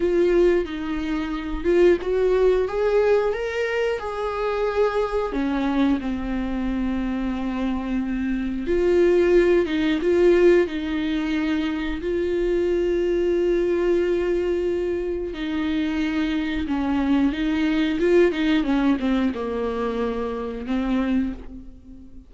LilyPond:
\new Staff \with { instrumentName = "viola" } { \time 4/4 \tempo 4 = 90 f'4 dis'4. f'8 fis'4 | gis'4 ais'4 gis'2 | cis'4 c'2.~ | c'4 f'4. dis'8 f'4 |
dis'2 f'2~ | f'2. dis'4~ | dis'4 cis'4 dis'4 f'8 dis'8 | cis'8 c'8 ais2 c'4 | }